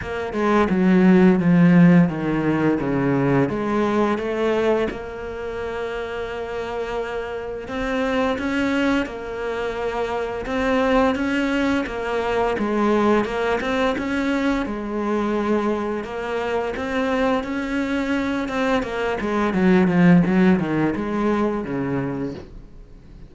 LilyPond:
\new Staff \with { instrumentName = "cello" } { \time 4/4 \tempo 4 = 86 ais8 gis8 fis4 f4 dis4 | cis4 gis4 a4 ais4~ | ais2. c'4 | cis'4 ais2 c'4 |
cis'4 ais4 gis4 ais8 c'8 | cis'4 gis2 ais4 | c'4 cis'4. c'8 ais8 gis8 | fis8 f8 fis8 dis8 gis4 cis4 | }